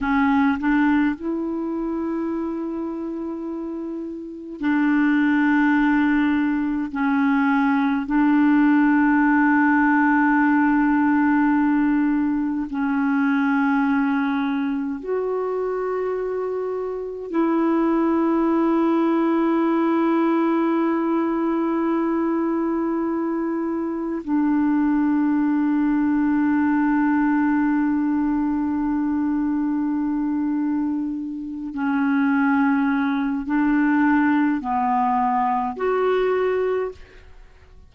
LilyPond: \new Staff \with { instrumentName = "clarinet" } { \time 4/4 \tempo 4 = 52 cis'8 d'8 e'2. | d'2 cis'4 d'4~ | d'2. cis'4~ | cis'4 fis'2 e'4~ |
e'1~ | e'4 d'2.~ | d'2.~ d'8 cis'8~ | cis'4 d'4 b4 fis'4 | }